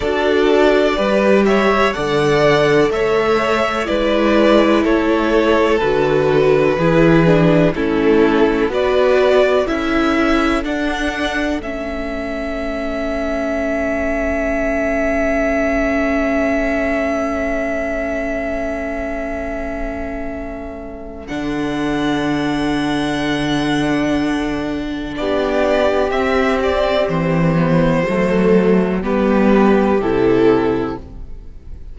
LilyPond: <<
  \new Staff \with { instrumentName = "violin" } { \time 4/4 \tempo 4 = 62 d''4. e''8 fis''4 e''4 | d''4 cis''4 b'2 | a'4 d''4 e''4 fis''4 | e''1~ |
e''1~ | e''2 fis''2~ | fis''2 d''4 e''8 d''8 | c''2 b'4 a'4 | }
  \new Staff \with { instrumentName = "violin" } { \time 4/4 a'4 b'8 cis''8 d''4 cis''4 | b'4 a'2 gis'4 | e'4 b'4 a'2~ | a'1~ |
a'1~ | a'1~ | a'2 g'2~ | g'4 a'4 g'2 | }
  \new Staff \with { instrumentName = "viola" } { \time 4/4 fis'4 g'4 a'2 | e'2 fis'4 e'8 d'8 | cis'4 fis'4 e'4 d'4 | cis'1~ |
cis'1~ | cis'2 d'2~ | d'2. c'4~ | c'8 b8 a4 b4 e'4 | }
  \new Staff \with { instrumentName = "cello" } { \time 4/4 d'4 g4 d4 a4 | gis4 a4 d4 e4 | a4 b4 cis'4 d'4 | a1~ |
a1~ | a2 d2~ | d2 b4 c'4 | e4 fis4 g4 c4 | }
>>